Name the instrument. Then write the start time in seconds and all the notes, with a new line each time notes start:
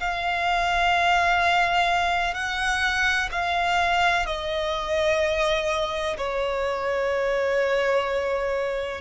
violin
0.00 F5
2.34 F#5
3.32 F5
4.26 D#5
6.17 C#5